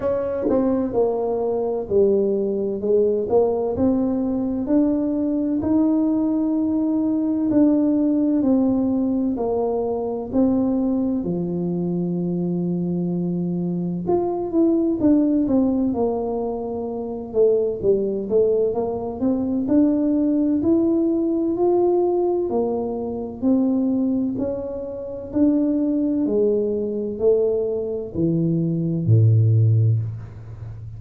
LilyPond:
\new Staff \with { instrumentName = "tuba" } { \time 4/4 \tempo 4 = 64 cis'8 c'8 ais4 g4 gis8 ais8 | c'4 d'4 dis'2 | d'4 c'4 ais4 c'4 | f2. f'8 e'8 |
d'8 c'8 ais4. a8 g8 a8 | ais8 c'8 d'4 e'4 f'4 | ais4 c'4 cis'4 d'4 | gis4 a4 e4 a,4 | }